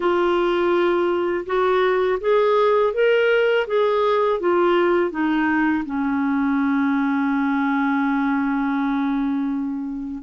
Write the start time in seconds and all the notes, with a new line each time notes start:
0.00 F4
1.45 F#4
2.20 G#4
2.93 A#4
3.67 G#4
4.39 F4
5.11 D#4
5.85 C#4